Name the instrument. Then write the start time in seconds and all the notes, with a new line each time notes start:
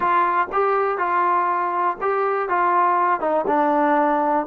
trombone
0.00 F4
0.52 G4
0.98 F4
2.01 G4
2.48 F4
3.20 D#4
3.47 D4